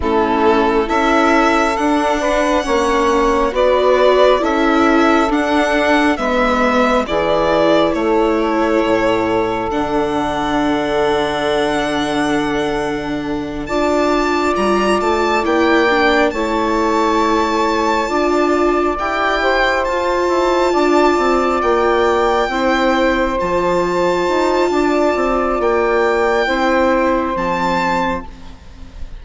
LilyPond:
<<
  \new Staff \with { instrumentName = "violin" } { \time 4/4 \tempo 4 = 68 a'4 e''4 fis''2 | d''4 e''4 fis''4 e''4 | d''4 cis''2 fis''4~ | fis''2.~ fis''8 a''8~ |
a''8 ais''8 a''8 g''4 a''4.~ | a''4. g''4 a''4.~ | a''8 g''2 a''4.~ | a''4 g''2 a''4 | }
  \new Staff \with { instrumentName = "saxophone" } { \time 4/4 e'4 a'4. b'8 cis''4 | b'4 a'2 b'4 | gis'4 a'2.~ | a'2.~ a'8 d''8~ |
d''2~ d''8 cis''4.~ | cis''8 d''4. c''4. d''8~ | d''4. c''2~ c''8 | d''2 c''2 | }
  \new Staff \with { instrumentName = "viola" } { \time 4/4 cis'4 e'4 d'4 cis'4 | fis'4 e'4 d'4 b4 | e'2. d'4~ | d'2.~ d'8 f'8~ |
f'4. e'8 d'8 e'4.~ | e'8 f'4 g'4 f'4.~ | f'4. e'4 f'4.~ | f'2 e'4 c'4 | }
  \new Staff \with { instrumentName = "bassoon" } { \time 4/4 a4 cis'4 d'4 ais4 | b4 cis'4 d'4 gis4 | e4 a4 a,4 d4~ | d2.~ d8 d'8~ |
d'8 g8 a8 ais4 a4.~ | a8 d'4 e'4 f'8 e'8 d'8 | c'8 ais4 c'4 f4 dis'8 | d'8 c'8 ais4 c'4 f4 | }
>>